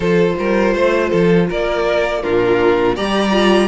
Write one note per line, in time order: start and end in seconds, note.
0.00 0.33 F3
0.00 2.22 F4
0.00 0.35 A4
0.00 1.46 C5
0.38 0.74 G3
0.38 0.74 A#4
0.74 1.11 A3
0.74 1.09 C5
1.09 1.50 F3
1.09 1.46 A4
1.49 2.24 A#3
1.49 2.22 A#4
1.49 2.22 D5
2.22 2.97 A#2
2.22 2.96 D4
2.22 2.95 F4
2.22 2.96 A#4
2.95 3.67 G3
2.95 3.31 G4
2.95 3.67 D5
2.95 3.67 A#5
3.31 3.67 F4